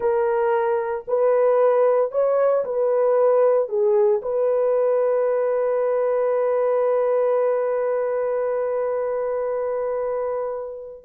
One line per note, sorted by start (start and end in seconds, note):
0.00 1.05 A#4
1.07 2.11 B4
2.11 2.64 C#5
2.64 3.68 B4
3.68 4.21 G#4
4.22 11.04 B4